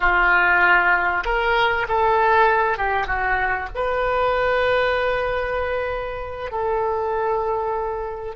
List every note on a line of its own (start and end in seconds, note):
0.00 1.24 F4
1.25 1.86 A#4
1.88 2.77 A4
2.77 3.06 G4
3.06 3.68 F#4
3.75 6.51 B4
6.51 8.35 A4